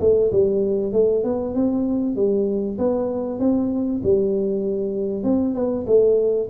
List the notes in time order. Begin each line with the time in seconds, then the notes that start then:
0.00 A3
0.31 G3
0.93 A3
1.23 B3
1.54 C4
2.15 G3
2.78 B3
3.39 C4
4.03 G3
5.23 C4
5.54 B3
5.87 A3